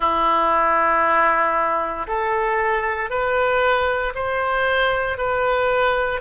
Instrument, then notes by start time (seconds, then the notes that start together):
oboe
0.00 E4
2.07 A4
3.09 B4
4.14 C5
5.17 B4